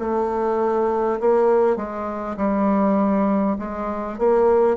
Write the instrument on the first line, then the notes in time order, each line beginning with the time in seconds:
bassoon
0.00 A3
1.21 A#3
1.77 G#3
2.37 G3
3.59 G#3
4.19 A#3